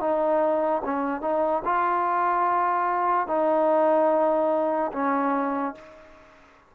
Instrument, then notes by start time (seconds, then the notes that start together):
trombone
0.00 D#4
0.84 C#4
1.21 D#4
1.65 F4
3.27 D#4
4.92 C#4